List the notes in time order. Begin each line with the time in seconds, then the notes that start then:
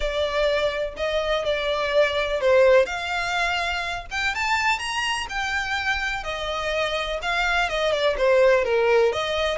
0.00 D5
0.96 D#5
1.44 D5
2.40 C5
2.86 F5
4.10 G5
4.34 A5
4.78 A#5
5.29 G5
6.23 D#5
7.22 F5
7.69 D#5
7.92 D5
8.17 C5
8.64 A#4
9.12 D#5